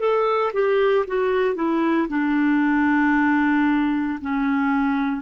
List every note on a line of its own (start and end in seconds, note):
0.00 0.53 A4
0.54 1.06 G4
1.08 1.56 F#4
1.56 2.08 E4
2.09 4.20 D4
4.22 5.22 C#4